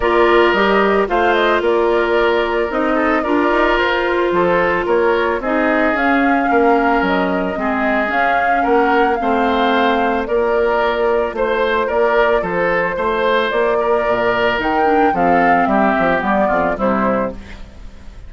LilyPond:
<<
  \new Staff \with { instrumentName = "flute" } { \time 4/4 \tempo 4 = 111 d''4 dis''4 f''8 dis''8 d''4~ | d''4 dis''4 d''4 c''4~ | c''4 cis''4 dis''4 f''4~ | f''4 dis''2 f''4 |
fis''4 f''2 d''4~ | d''4 c''4 d''4 c''4~ | c''4 d''2 g''4 | f''4 e''4 d''4 c''4 | }
  \new Staff \with { instrumentName = "oboe" } { \time 4/4 ais'2 c''4 ais'4~ | ais'4. a'8 ais'2 | a'4 ais'4 gis'2 | ais'2 gis'2 |
ais'4 c''2 ais'4~ | ais'4 c''4 ais'4 a'4 | c''4. ais'2~ ais'8 | a'4 g'4. f'8 e'4 | }
  \new Staff \with { instrumentName = "clarinet" } { \time 4/4 f'4 g'4 f'2~ | f'4 dis'4 f'2~ | f'2 dis'4 cis'4~ | cis'2 c'4 cis'4~ |
cis'4 c'2 f'4~ | f'1~ | f'2. dis'8 d'8 | c'2 b4 g4 | }
  \new Staff \with { instrumentName = "bassoon" } { \time 4/4 ais4 g4 a4 ais4~ | ais4 c'4 d'8 dis'8 f'4 | f4 ais4 c'4 cis'4 | ais4 fis4 gis4 cis'4 |
ais4 a2 ais4~ | ais4 a4 ais4 f4 | a4 ais4 ais,4 dis4 | f4 g8 f8 g8 f,8 c4 | }
>>